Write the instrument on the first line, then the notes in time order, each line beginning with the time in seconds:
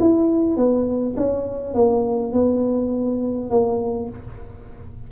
tuba
0.00 E4
0.57 B3
1.17 C#4
1.74 A#3
2.33 B3
3.51 A#3